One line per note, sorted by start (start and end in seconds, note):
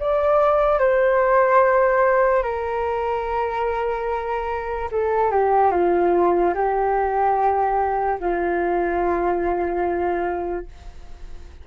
0.00 0.79 D5
0.79 2.43 C5
2.43 4.90 A#4
4.92 5.31 A4
5.31 5.72 G4
5.72 6.54 F4
6.55 8.19 G4
8.20 10.67 F4